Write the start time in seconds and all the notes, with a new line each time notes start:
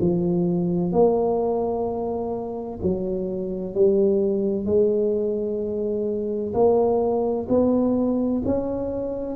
0.00 F3
0.92 A#3
2.82 F#3
3.74 G3
4.65 G#3
6.53 A#3
7.48 B3
8.45 C#4